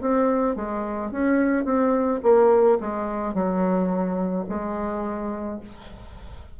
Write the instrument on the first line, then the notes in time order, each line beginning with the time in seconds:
bassoon
0.00 C4
0.55 G#3
1.11 C#4
1.65 C4
2.22 A#3
2.80 G#3
3.34 F#3
4.48 G#3